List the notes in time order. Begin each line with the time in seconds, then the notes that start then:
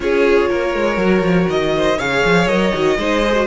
0.00 C#4 F4 G#4 C#5
0.49 A#3 A#4
0.75 G#3
0.97 F#3 F#4
1.21 F3
1.48 D#3 D#5
1.76 C5
1.97 C#3 G#4 C#5 F5
2.25 F3
2.46 F#3 A#4 D#5
2.73 D#3 F#4
2.97 G#3 D#4 C5
3.24 G#4
3.35 F#4